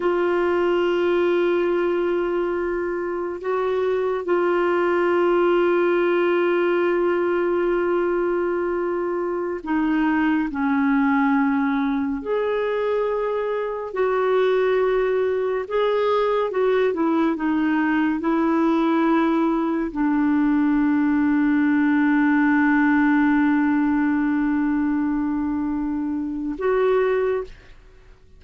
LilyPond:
\new Staff \with { instrumentName = "clarinet" } { \time 4/4 \tempo 4 = 70 f'1 | fis'4 f'2.~ | f'2.~ f'16 dis'8.~ | dis'16 cis'2 gis'4.~ gis'16~ |
gis'16 fis'2 gis'4 fis'8 e'16~ | e'16 dis'4 e'2 d'8.~ | d'1~ | d'2. fis'4 | }